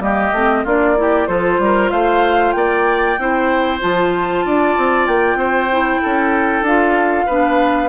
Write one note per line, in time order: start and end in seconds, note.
0.00 0.32 G3
0.00 0.33 A#3
0.00 0.64 G4
0.00 0.65 D#5
0.32 0.64 A3
0.32 0.66 C4
0.64 1.28 A#3
0.64 0.97 D4
0.64 0.96 F4
0.64 1.28 D5
0.97 1.28 E4
0.97 1.29 G4
1.28 1.59 F3
1.28 3.17 F4
1.28 1.60 A4
1.28 1.91 C5
1.59 1.91 G3
1.59 1.91 A#4
1.91 2.55 A3
1.91 2.55 C5
1.91 2.52 F5
2.52 3.18 A#3
2.52 3.21 D5
2.52 3.79 G5
3.18 3.81 C4
3.18 3.81 E4
3.18 4.46 C5
3.81 4.46 F3
3.81 5.70 F4
3.81 5.07 A5
4.46 4.77 D4
4.46 5.39 D5
4.78 5.08 C4
5.07 5.35 A#3
5.07 6.65 G5
5.35 5.98 C4
5.35 6.02 C5
5.71 6.66 E4
6.02 6.62 C#4
6.02 7.26 A4
6.62 7.25 D4
6.62 7.29 F4
6.62 7.89 F5
7.26 7.89 B3
7.26 7.89 D4
7.26 7.89 B4